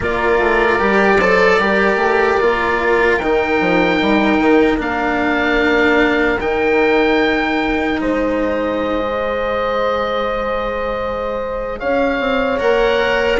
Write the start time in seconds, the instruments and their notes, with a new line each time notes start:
0.00 bassoon A#3, cello F4, horn A#4, oboe D5
0.39 bassoon A3
0.79 bassoon G3, cello G4
1.18 bassoon F#3, cello A4, horn C5
1.59 bassoon G3, cello G4, horn A#4
1.96 bassoon A3
2.40 bassoon A#3, cello F4
3.17 bassoon D#3, cello D#4, oboe G5
3.60 bassoon F3
4.01 bassoon G3
4.38 bassoon D#3
4.77 bassoon A#3, cello D4, oboe F5
6.40 bassoon D#3, cello D#4, oboe G5
8.00 bassoon G#3, horn C5, oboe D#5
8.99 cello G#4
11.79 bassoon C#4, horn C#5, oboe F5
12.19 bassoon C4
12.58 bassoon A#3, cello A#4, oboe F#5